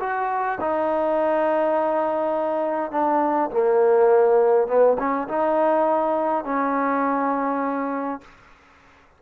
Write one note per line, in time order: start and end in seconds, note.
0.00 0.59 F#4
0.61 2.91 D#4
2.91 3.50 D4
3.51 4.68 A#3
4.68 4.97 B3
4.99 5.28 C#4
5.28 6.45 D#4
6.45 8.21 C#4